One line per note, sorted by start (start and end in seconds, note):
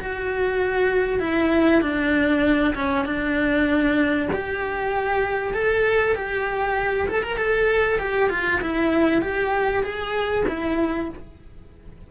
0.00 1.20 F#4
1.20 1.82 E4
1.82 2.75 D4
2.75 3.06 C#4
3.06 4.30 D4
4.33 5.54 G4
5.54 6.16 A4
6.16 7.09 G4
7.09 7.23 A4
7.23 7.37 A#4
7.37 7.99 A4
7.99 8.30 G4
8.30 8.61 F4
8.61 9.22 E4
9.22 9.84 G4
9.84 10.45 G#4
10.48 11.10 E4